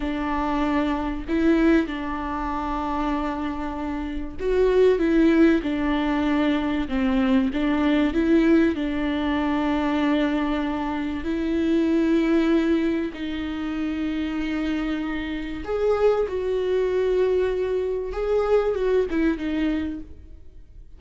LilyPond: \new Staff \with { instrumentName = "viola" } { \time 4/4 \tempo 4 = 96 d'2 e'4 d'4~ | d'2. fis'4 | e'4 d'2 c'4 | d'4 e'4 d'2~ |
d'2 e'2~ | e'4 dis'2.~ | dis'4 gis'4 fis'2~ | fis'4 gis'4 fis'8 e'8 dis'4 | }